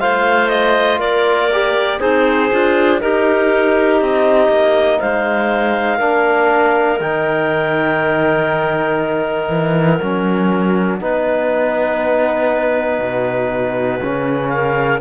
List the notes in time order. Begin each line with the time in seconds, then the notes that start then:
0.00 A3 F4 C5 F5
0.49 D#5
0.99 A#3 A#4 D5
1.52 G4
2.00 C4 D#4 G#4 C5
2.51 D4 F4
3.00 D#4 G4 A#4
4.01 C4 D#5
4.48 A#3
4.99 G#3 C5 F5
5.98 A#3 D4 A#4
7.00 D#3 D#4 G5
9.00 F#5
9.49 E3
10.01 F#3 C#4
11.00 B3 D#4 B4
12.99 B2
14.03 C#3 C#4
14.49 A#4 F5